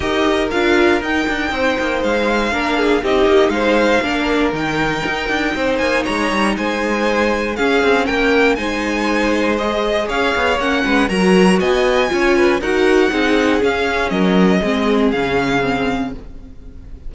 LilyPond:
<<
  \new Staff \with { instrumentName = "violin" } { \time 4/4 \tempo 4 = 119 dis''4 f''4 g''2 | f''2 dis''4 f''4~ | f''4 g''2~ g''8 gis''8 | ais''4 gis''2 f''4 |
g''4 gis''2 dis''4 | f''4 fis''4 ais''4 gis''4~ | gis''4 fis''2 f''4 | dis''2 f''2 | }
  \new Staff \with { instrumentName = "violin" } { \time 4/4 ais'2. c''4~ | c''4 ais'8 gis'8 g'4 c''4 | ais'2. c''4 | cis''4 c''2 gis'4 |
ais'4 c''2. | cis''4. b'8 ais'4 dis''4 | cis''8 b'8 ais'4 gis'2 | ais'4 gis'2. | }
  \new Staff \with { instrumentName = "viola" } { \time 4/4 g'4 f'4 dis'2~ | dis'4 d'4 dis'2 | d'4 dis'2.~ | dis'2. cis'4~ |
cis'4 dis'2 gis'4~ | gis'4 cis'4 fis'2 | f'4 fis'4 dis'4 cis'4~ | cis'4 c'4 cis'4 c'4 | }
  \new Staff \with { instrumentName = "cello" } { \time 4/4 dis'4 d'4 dis'8 d'8 c'8 ais8 | gis4 ais4 c'8 ais8 gis4 | ais4 dis4 dis'8 d'8 c'8 ais8 | gis8 g8 gis2 cis'8 c'8 |
ais4 gis2. | cis'8 b8 ais8 gis8 fis4 b4 | cis'4 dis'4 c'4 cis'4 | fis4 gis4 cis2 | }
>>